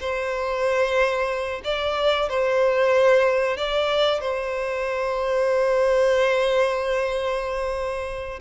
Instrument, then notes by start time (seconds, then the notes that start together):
violin
0.00 C5
1.64 D5
2.29 C5
3.57 D5
4.20 C5